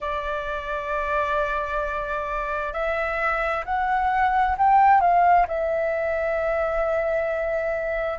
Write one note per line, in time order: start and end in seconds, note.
0.00 2.73 D5
2.73 3.64 E5
3.65 4.56 F#5
4.57 5.00 G5
5.00 5.46 F5
5.47 8.19 E5